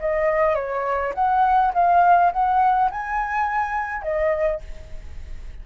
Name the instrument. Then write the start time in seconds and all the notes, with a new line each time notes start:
flute
0.00 D#5
0.55 C#5
1.15 F#5
1.73 F5
2.32 F#5
2.91 G#5
4.02 D#5